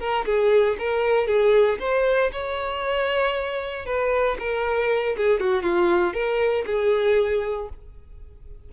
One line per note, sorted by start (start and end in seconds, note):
0.00 0.26 A#4
0.26 0.77 G#4
0.79 1.28 A#4
1.28 1.79 G#4
1.80 2.31 C5
2.32 3.86 C#5
3.86 4.38 B4
4.40 5.17 A#4
5.17 5.40 G#4
5.40 5.63 F#4
5.63 6.14 F4
6.14 6.65 A#4
6.67 7.69 G#4